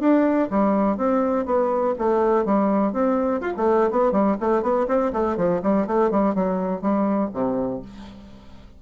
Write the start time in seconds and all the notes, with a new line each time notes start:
0.00 D4
0.50 G3
0.97 C4
1.46 B3
1.98 A3
2.45 G3
2.93 C4
3.41 F4
3.57 A3
3.91 B3
4.12 G3
4.40 A3
4.63 B3
4.88 C4
5.13 A3
5.37 F3
5.63 G3
5.87 A3
6.11 G3
6.35 F#3
6.82 G3
7.33 C3